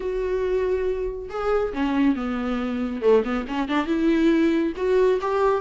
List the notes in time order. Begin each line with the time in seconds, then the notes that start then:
0.00 F#4
1.29 G#4
1.73 C#4
2.15 B3
3.01 A3
3.24 B3
3.47 C#4
3.68 D4
3.86 E4
4.76 F#4
5.21 G4